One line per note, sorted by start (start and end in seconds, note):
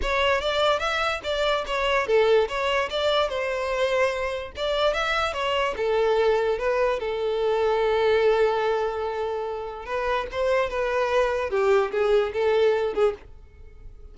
0.01 0.40 C#5
0.40 0.79 D5
0.79 1.20 E5
1.23 1.64 D5
1.66 2.06 C#5
2.06 2.48 A4
2.48 2.89 C#5
2.90 3.28 D5
3.28 4.52 C5
4.55 4.93 D5
4.93 5.33 E5
5.33 5.74 C#5
5.76 6.58 A4
6.58 6.99 B4
6.99 9.85 A4
9.85 10.26 B4
10.31 10.69 C5
10.69 11.50 B4
11.50 11.91 G4
11.91 12.32 G#4
12.33 12.94 A4
12.94 13.14 G#4